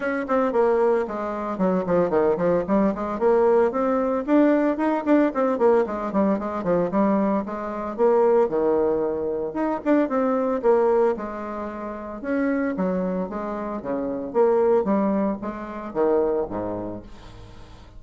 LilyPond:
\new Staff \with { instrumentName = "bassoon" } { \time 4/4 \tempo 4 = 113 cis'8 c'8 ais4 gis4 fis8 f8 | dis8 f8 g8 gis8 ais4 c'4 | d'4 dis'8 d'8 c'8 ais8 gis8 g8 | gis8 f8 g4 gis4 ais4 |
dis2 dis'8 d'8 c'4 | ais4 gis2 cis'4 | fis4 gis4 cis4 ais4 | g4 gis4 dis4 gis,4 | }